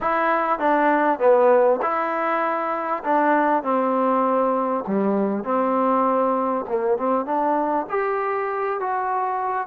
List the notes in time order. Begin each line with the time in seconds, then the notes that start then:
0.01 E4
0.59 D4
1.19 B3
1.82 E4
3.04 D4
3.63 C4
4.87 G3
5.44 C4
6.68 A#3
6.97 C4
7.25 D4
7.89 G4
8.80 F#4